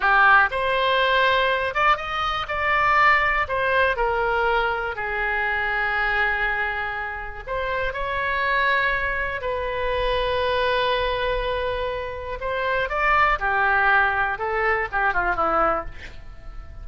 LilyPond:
\new Staff \with { instrumentName = "oboe" } { \time 4/4 \tempo 4 = 121 g'4 c''2~ c''8 d''8 | dis''4 d''2 c''4 | ais'2 gis'2~ | gis'2. c''4 |
cis''2. b'4~ | b'1~ | b'4 c''4 d''4 g'4~ | g'4 a'4 g'8 f'8 e'4 | }